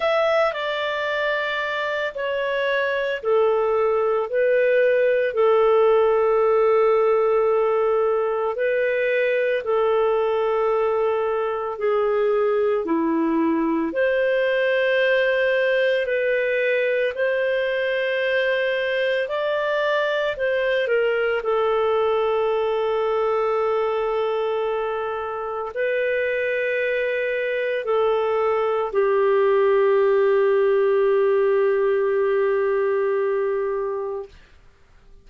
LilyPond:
\new Staff \with { instrumentName = "clarinet" } { \time 4/4 \tempo 4 = 56 e''8 d''4. cis''4 a'4 | b'4 a'2. | b'4 a'2 gis'4 | e'4 c''2 b'4 |
c''2 d''4 c''8 ais'8 | a'1 | b'2 a'4 g'4~ | g'1 | }